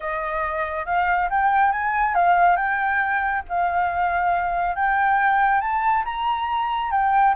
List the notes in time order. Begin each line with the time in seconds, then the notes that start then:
0.00 D#5
0.85 F5
1.29 G5
1.71 G#5
2.14 F5
2.56 G5
3.48 F5
4.75 G5
5.60 A5
6.04 A#5
6.91 G5